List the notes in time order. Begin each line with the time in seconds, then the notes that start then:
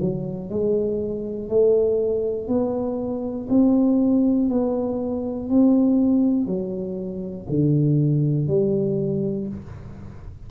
0.00 F#3
0.50 G#3
1.49 A3
2.48 B3
3.50 C4
4.50 B3
5.49 C4
6.47 F#3
7.49 D3
8.48 G3